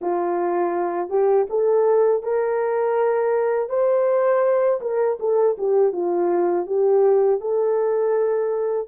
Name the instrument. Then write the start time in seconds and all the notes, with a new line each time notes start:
horn
0.01 F4
1.09 G4
1.49 A4
2.23 A#4
3.69 C5
4.80 A#4
5.19 A4
5.58 G4
5.92 F4
6.66 G4
7.40 A4